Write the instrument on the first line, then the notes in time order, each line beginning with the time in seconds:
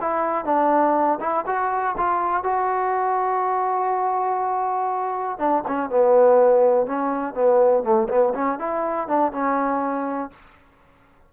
trombone
0.00 E4
0.45 D4
1.20 E4
1.46 F#4
1.97 F4
2.43 F#4
5.38 D4
5.67 C#4
5.89 B3
6.86 C#4
7.34 B3
7.83 A3
8.08 B3
8.34 C#4
8.59 E4
9.07 D4
9.32 C#4